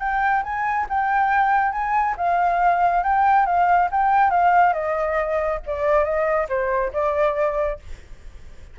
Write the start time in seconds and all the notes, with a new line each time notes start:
0.00 G5
0.44 G#5
0.89 G5
1.72 G#5
2.18 F5
3.03 G5
3.46 F5
3.92 G5
4.30 F5
4.74 D#5
5.66 D5
6.05 D#5
6.49 C5
6.93 D5